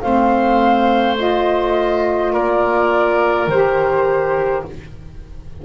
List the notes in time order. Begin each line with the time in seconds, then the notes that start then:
0.00 A3 C4 C5 F5
1.17 F4 D#5
2.33 A#3 A#4 D5
3.47 D#3 G4 C5